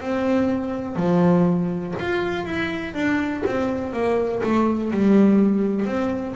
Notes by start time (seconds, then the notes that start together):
0.00 C4
0.96 F3
1.99 F4
2.45 E4
2.94 D4
3.46 C4
3.93 A#3
4.43 A3
4.91 G3
5.85 C4